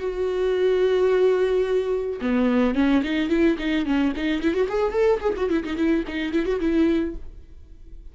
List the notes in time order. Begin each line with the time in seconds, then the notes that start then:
0.00 F#4
2.22 B3
2.75 C#4
3.04 D#4
3.30 E4
3.59 D#4
3.86 C#4
4.17 D#4
4.42 E4
4.54 F#4
4.69 G#4
4.93 A4
5.21 G#4
5.37 F#4
5.50 E4
5.64 D#4
5.77 E4
6.08 D#4
6.33 E4
6.46 F#4
6.61 E4